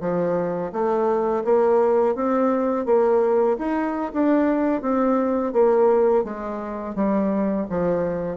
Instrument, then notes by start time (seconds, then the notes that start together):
bassoon
0.00 F3
0.72 A3
1.44 A#3
2.15 C4
2.86 A#3
3.58 D#4
4.13 D4
4.81 C4
5.53 A#3
6.24 G#3
6.95 G3
7.69 F3